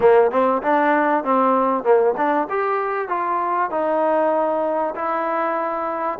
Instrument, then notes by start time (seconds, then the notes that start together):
trombone
0.00 A#3
0.31 C4
0.62 D4
1.24 C4
1.83 A#3
2.17 D4
2.49 G4
3.08 F4
3.70 D#4
4.95 E4